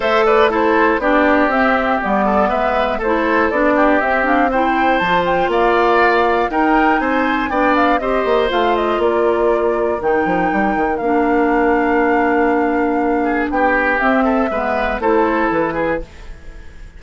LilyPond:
<<
  \new Staff \with { instrumentName = "flute" } { \time 4/4 \tempo 4 = 120 e''8 d''8 c''4 d''4 e''4 | d''4 e''4 c''4 d''4 | e''8 f''8 g''4 a''8 g''8 f''4~ | f''4 g''4 gis''4 g''8 f''8 |
dis''4 f''8 dis''8 d''2 | g''2 f''2~ | f''2. g''4 | e''2 c''4 b'4 | }
  \new Staff \with { instrumentName = "oboe" } { \time 4/4 c''8 b'8 a'4 g'2~ | g'8 a'8 b'4 a'4. g'8~ | g'4 c''2 d''4~ | d''4 ais'4 c''4 d''4 |
c''2 ais'2~ | ais'1~ | ais'2~ ais'8 gis'8 g'4~ | g'8 a'8 b'4 a'4. gis'8 | }
  \new Staff \with { instrumentName = "clarinet" } { \time 4/4 a'4 e'4 d'4 c'4 | b2 e'4 d'4 | c'8 d'8 e'4 f'2~ | f'4 dis'2 d'4 |
g'4 f'2. | dis'2 d'2~ | d'1 | c'4 b4 e'2 | }
  \new Staff \with { instrumentName = "bassoon" } { \time 4/4 a2 b4 c'4 | g4 gis4 a4 b4 | c'2 f4 ais4~ | ais4 dis'4 c'4 b4 |
c'8 ais8 a4 ais2 | dis8 f8 g8 dis8 ais2~ | ais2. b4 | c'4 gis4 a4 e4 | }
>>